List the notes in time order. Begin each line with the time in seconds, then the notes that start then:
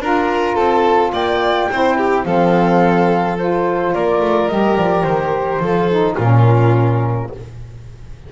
0.00 D4 F4 A#4 A#5
0.55 C4 A4 A5
1.13 A#3 D5 G5
1.70 C4 E4 C5
1.97 G4
2.25 F3 C4 A4 F5
3.38 F4 C5
3.94 A#3 A#4 D5
4.20 A3
4.48 G3 G4 D#5
4.77 F3 D5
5.03 D#3 C5
5.60 F3 F4 A4
5.91 D#4
6.16 A#2 C#4 F4 A#4